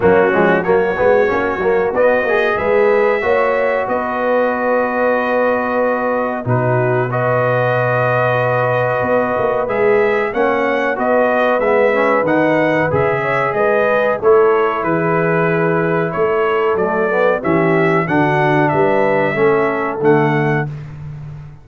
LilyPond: <<
  \new Staff \with { instrumentName = "trumpet" } { \time 4/4 \tempo 4 = 93 fis'4 cis''2 dis''4 | e''2 dis''2~ | dis''2 b'4 dis''4~ | dis''2. e''4 |
fis''4 dis''4 e''4 fis''4 | e''4 dis''4 cis''4 b'4~ | b'4 cis''4 d''4 e''4 | fis''4 e''2 fis''4 | }
  \new Staff \with { instrumentName = "horn" } { \time 4/4 cis'4 fis'2. | b'4 cis''4 b'2~ | b'2 fis'4 b'4~ | b'1 |
cis''4 b'2.~ | b'8 cis''8 b'4 a'4 gis'4~ | gis'4 a'2 g'4 | fis'4 b'4 a'2 | }
  \new Staff \with { instrumentName = "trombone" } { \time 4/4 ais8 gis8 ais8 b8 cis'8 ais8 b8 gis'8~ | gis'4 fis'2.~ | fis'2 dis'4 fis'4~ | fis'2. gis'4 |
cis'4 fis'4 b8 cis'8 dis'4 | gis'2 e'2~ | e'2 a8 b8 cis'4 | d'2 cis'4 a4 | }
  \new Staff \with { instrumentName = "tuba" } { \time 4/4 fis8 f8 fis8 gis8 ais8 fis8 b8 ais8 | gis4 ais4 b2~ | b2 b,2~ | b,2 b8 ais8 gis4 |
ais4 b4 gis4 dis4 | cis4 gis4 a4 e4~ | e4 a4 fis4 e4 | d4 g4 a4 d4 | }
>>